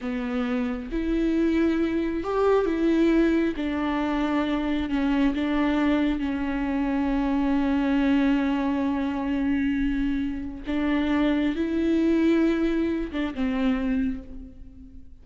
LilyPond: \new Staff \with { instrumentName = "viola" } { \time 4/4 \tempo 4 = 135 b2 e'2~ | e'4 g'4 e'2 | d'2. cis'4 | d'2 cis'2~ |
cis'1~ | cis'1 | d'2 e'2~ | e'4. d'8 c'2 | }